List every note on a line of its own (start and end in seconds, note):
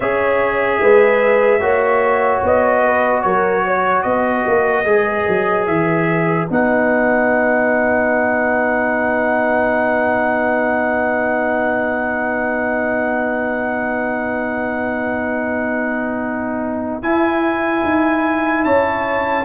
0.00 0.80 C#4
0.00 1.60 G#4
0.00 0.79 C#5
0.00 2.42 E5
0.80 1.61 G#3
0.80 1.60 B4
1.60 2.42 A#3
1.60 4.84 F#4
1.60 2.82 C#5
2.43 3.24 B3
2.43 3.21 D#5
2.84 3.24 B4
3.21 4.04 F#3
3.21 3.65 A#4
3.21 4.02 C#5
3.65 4.05 C#5
4.02 4.45 B3
4.02 18.64 B4
4.02 5.64 D#5
4.47 4.84 A#3
4.84 5.25 G#3
4.84 6.47 G#4
5.28 5.67 F#3
5.66 6.48 E3
5.66 6.47 E5
6.49 17.02 B3
6.49 17.02 D#4
6.49 17.02 F#5
17.02 17.83 E4
17.02 19.45 E4
17.02 18.64 G#5
17.84 18.65 D#4
18.64 19.45 C#4
18.64 19.45 C#5
18.64 19.45 A5